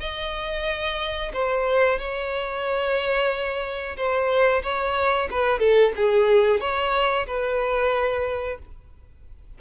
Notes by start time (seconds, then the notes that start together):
0.00 D#5
1.33 C5
1.99 C#5
3.97 C5
4.63 C#5
5.31 B4
5.60 A4
5.96 G#4
6.61 C#5
7.27 B4